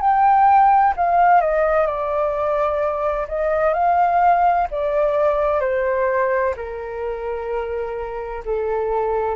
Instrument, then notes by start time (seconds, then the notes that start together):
flute
0.00 G5
0.96 F5
1.41 D#5
1.86 D5
3.28 D#5
3.74 F5
4.70 D5
5.60 C5
6.56 A#4
8.45 A4